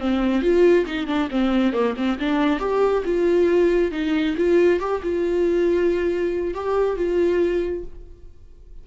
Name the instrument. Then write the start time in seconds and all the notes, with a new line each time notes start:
viola
0.00 C4
0.42 F4
0.86 D#4
1.07 D4
1.31 C4
1.73 A#3
1.97 C4
2.20 D4
2.60 G4
3.05 F4
3.92 D#4
4.37 F4
4.80 G4
5.03 F4
6.55 G4
6.97 F4